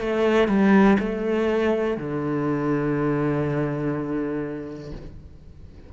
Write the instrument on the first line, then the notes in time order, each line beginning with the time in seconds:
cello
0.00 A3
0.48 G3
0.99 A3
1.97 D3